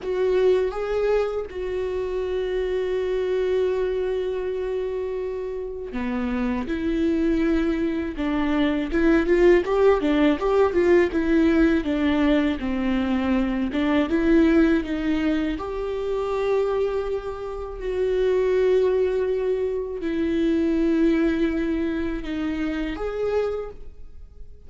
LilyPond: \new Staff \with { instrumentName = "viola" } { \time 4/4 \tempo 4 = 81 fis'4 gis'4 fis'2~ | fis'1 | b4 e'2 d'4 | e'8 f'8 g'8 d'8 g'8 f'8 e'4 |
d'4 c'4. d'8 e'4 | dis'4 g'2. | fis'2. e'4~ | e'2 dis'4 gis'4 | }